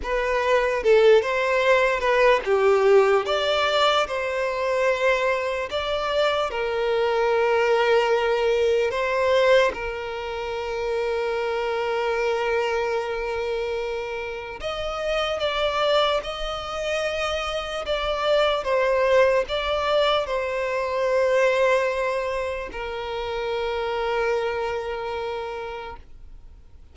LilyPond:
\new Staff \with { instrumentName = "violin" } { \time 4/4 \tempo 4 = 74 b'4 a'8 c''4 b'8 g'4 | d''4 c''2 d''4 | ais'2. c''4 | ais'1~ |
ais'2 dis''4 d''4 | dis''2 d''4 c''4 | d''4 c''2. | ais'1 | }